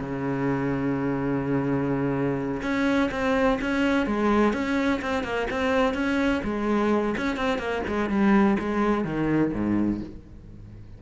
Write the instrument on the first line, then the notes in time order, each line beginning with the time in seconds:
cello
0.00 C#3
2.63 C#4
3.12 C4
3.61 C#4
4.07 G#3
4.54 C#4
5.02 C4
5.24 A#3
5.51 C4
5.94 C#4
6.44 G#3
7.18 C#4
7.37 C4
7.59 A#3
7.87 G#3
8.10 G3
8.60 G#3
9.05 D#3
9.53 G#2